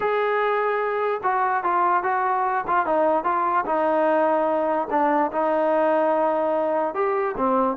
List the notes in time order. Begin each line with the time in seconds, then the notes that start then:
0.00 G#4
1.23 F#4
1.63 F4
2.03 F#4
2.67 F4
2.86 D#4
3.24 F4
3.65 D#4
4.90 D4
5.32 D#4
6.94 G4
7.37 C4